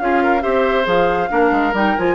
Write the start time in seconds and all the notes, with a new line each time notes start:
0.00 C#4 F4 G#4 F5
0.24 A#4
0.42 C4 G4 C5 E5
0.84 F3 G#4 F5
1.30 A#3 D4 A#4
1.52 G#3
1.74 G3 D#4 G5
1.98 F3 F4 G#5